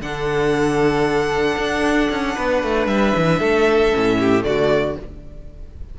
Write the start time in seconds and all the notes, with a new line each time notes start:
0.00 D3 D4 A4 F#5
1.57 D4
2.10 C#4
2.35 B3 B4
2.63 A3
2.87 G3 E5
3.16 E3
3.39 A3 A4
3.94 A2 C#4
4.19 G4
4.40 D3 A3 D5
4.47 F#4